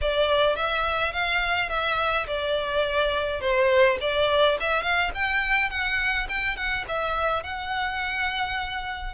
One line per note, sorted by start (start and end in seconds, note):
0.01 0.56 D5
0.56 1.12 E5
1.12 1.69 F5
1.69 2.26 E5
2.26 3.40 D5
3.40 3.97 C5
4.01 4.58 D5
4.59 4.82 E5
4.82 5.10 F5
5.14 5.70 G5
5.70 6.27 F#5
6.29 6.56 G5
6.56 6.84 F#5
6.88 7.43 E5
7.43 9.14 F#5